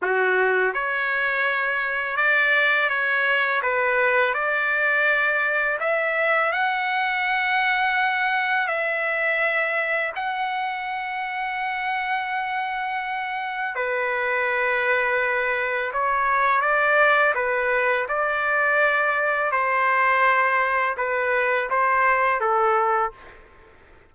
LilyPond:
\new Staff \with { instrumentName = "trumpet" } { \time 4/4 \tempo 4 = 83 fis'4 cis''2 d''4 | cis''4 b'4 d''2 | e''4 fis''2. | e''2 fis''2~ |
fis''2. b'4~ | b'2 cis''4 d''4 | b'4 d''2 c''4~ | c''4 b'4 c''4 a'4 | }